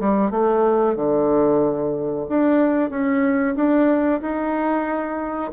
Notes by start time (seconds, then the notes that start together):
0.00 G3
0.31 A3
0.96 D3
2.29 D4
2.90 C#4
3.55 D4
4.21 D#4